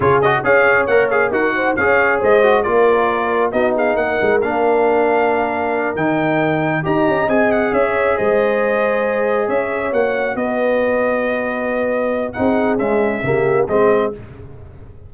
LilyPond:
<<
  \new Staff \with { instrumentName = "trumpet" } { \time 4/4 \tempo 4 = 136 cis''8 dis''8 f''4 fis''8 f''8 fis''4 | f''4 dis''4 d''2 | dis''8 f''8 fis''4 f''2~ | f''4. g''2 ais''8~ |
ais''8 gis''8 fis''8 e''4 dis''4.~ | dis''4. e''4 fis''4 dis''8~ | dis''1 | fis''4 e''2 dis''4 | }
  \new Staff \with { instrumentName = "horn" } { \time 4/4 gis'4 cis''2 ais'8 c''8 | cis''4 c''4 ais'2 | fis'8 gis'8 ais'2.~ | ais'2.~ ais'8 dis''8~ |
dis''4. cis''4 c''4.~ | c''4. cis''2 b'8~ | b'1 | gis'2 g'4 gis'4 | }
  \new Staff \with { instrumentName = "trombone" } { \time 4/4 f'8 fis'8 gis'4 ais'8 gis'8 fis'4 | gis'4. fis'8 f'2 | dis'2 d'2~ | d'4. dis'2 g'8~ |
g'8 gis'2.~ gis'8~ | gis'2~ gis'8 fis'4.~ | fis'1 | dis'4 gis4 ais4 c'4 | }
  \new Staff \with { instrumentName = "tuba" } { \time 4/4 cis4 cis'4 ais4 dis'4 | cis'4 gis4 ais2 | b4 ais8 gis8 ais2~ | ais4. dis2 dis'8 |
cis'8 c'4 cis'4 gis4.~ | gis4. cis'4 ais4 b8~ | b1 | c'4 cis'4 cis4 gis4 | }
>>